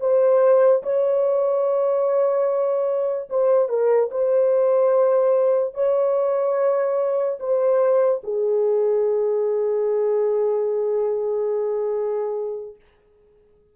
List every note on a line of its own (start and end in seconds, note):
0.00 0.82 C5
0.83 3.29 C#5
3.29 3.68 C5
3.68 4.09 A#4
4.11 5.74 C5
5.74 7.39 C#5
7.39 8.22 C5
8.23 12.75 G#4